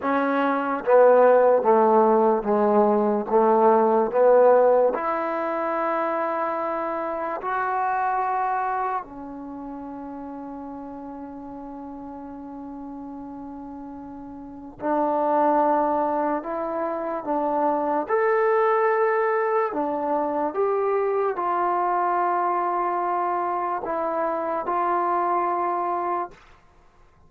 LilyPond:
\new Staff \with { instrumentName = "trombone" } { \time 4/4 \tempo 4 = 73 cis'4 b4 a4 gis4 | a4 b4 e'2~ | e'4 fis'2 cis'4~ | cis'1~ |
cis'2 d'2 | e'4 d'4 a'2 | d'4 g'4 f'2~ | f'4 e'4 f'2 | }